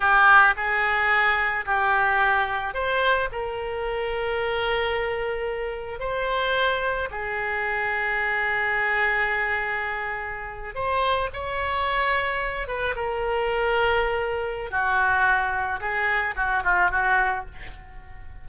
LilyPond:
\new Staff \with { instrumentName = "oboe" } { \time 4/4 \tempo 4 = 110 g'4 gis'2 g'4~ | g'4 c''4 ais'2~ | ais'2. c''4~ | c''4 gis'2.~ |
gis'2.~ gis'8. c''16~ | c''8. cis''2~ cis''8 b'8 ais'16~ | ais'2. fis'4~ | fis'4 gis'4 fis'8 f'8 fis'4 | }